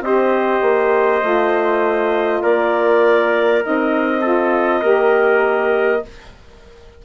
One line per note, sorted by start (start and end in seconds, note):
0.00 0.60 C4
0.00 1.21 G4
0.00 2.42 C5
0.00 2.43 D#5
0.61 1.21 A#3
1.21 2.42 A3
1.21 3.61 F4
2.42 3.63 A#3
2.42 4.21 A#4
2.42 3.62 D5
3.62 4.82 C4
3.62 4.22 D#4
3.62 6.04 D#5
4.21 4.82 F4
4.21 4.80 A4
4.81 6.02 A#3
4.81 6.02 G4
4.81 6.01 A#4